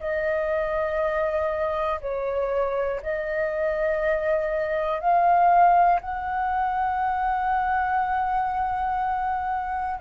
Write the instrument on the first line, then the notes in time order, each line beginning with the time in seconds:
flute
0.00 D#5
2.00 C#5
3.02 D#5
5.00 F5
6.00 F#5